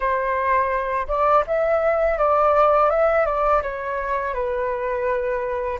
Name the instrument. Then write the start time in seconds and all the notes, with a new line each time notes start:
flute
0.00 C5
1.07 D5
1.46 E5
2.18 D5
2.89 E5
3.25 D5
3.62 C#5
4.34 B4